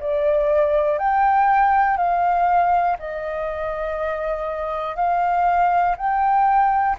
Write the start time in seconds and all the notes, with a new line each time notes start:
0.00 D5
0.98 G5
1.97 F5
2.99 D#5
4.96 F5
5.96 G5